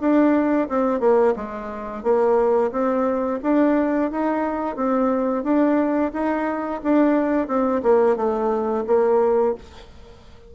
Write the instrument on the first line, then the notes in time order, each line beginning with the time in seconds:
bassoon
0.00 D4
0.69 C4
1.00 A#3
1.36 G#3
2.03 A#3
2.71 C4
3.42 D4
4.11 D#4
4.75 C4
5.43 D4
6.13 D#4
6.83 D4
7.47 C4
7.82 A#3
8.16 A3
8.86 A#3